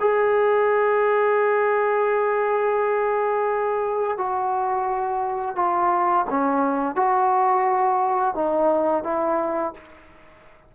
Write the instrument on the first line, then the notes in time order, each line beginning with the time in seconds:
trombone
0.00 G#4
4.18 F#4
5.56 F4
6.30 C#4
6.96 F#4
8.35 D#4
9.04 E4